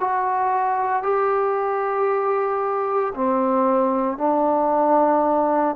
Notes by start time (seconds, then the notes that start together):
0.00 F#4
1.03 G4
3.15 C4
4.18 D4